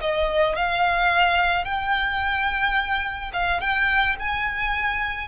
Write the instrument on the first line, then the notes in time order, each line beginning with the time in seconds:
violin
0.00 D#5
0.55 F5
1.64 G5
3.32 F5
3.60 G5
4.19 G#5